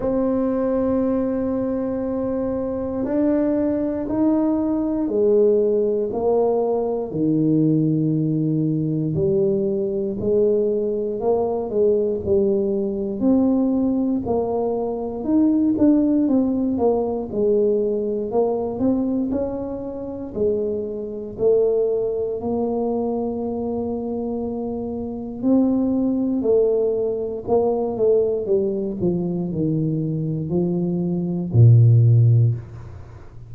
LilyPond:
\new Staff \with { instrumentName = "tuba" } { \time 4/4 \tempo 4 = 59 c'2. d'4 | dis'4 gis4 ais4 dis4~ | dis4 g4 gis4 ais8 gis8 | g4 c'4 ais4 dis'8 d'8 |
c'8 ais8 gis4 ais8 c'8 cis'4 | gis4 a4 ais2~ | ais4 c'4 a4 ais8 a8 | g8 f8 dis4 f4 ais,4 | }